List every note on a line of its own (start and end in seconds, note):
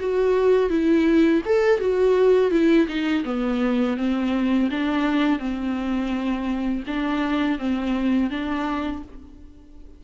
0.00 0.70 F#4
0.70 1.42 E4
1.46 1.80 A4
1.80 2.51 F#4
2.51 2.88 E4
2.88 3.24 D#4
3.25 3.97 B3
3.97 4.70 C4
4.71 5.39 D4
5.39 6.84 C4
6.87 7.59 D4
7.59 8.31 C4
8.31 9.03 D4